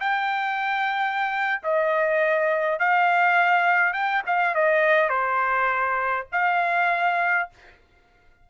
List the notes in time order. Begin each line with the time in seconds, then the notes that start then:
0.00 G5
1.64 D#5
2.79 F5
3.93 G5
4.26 F5
4.55 D#5
5.09 C5
6.32 F5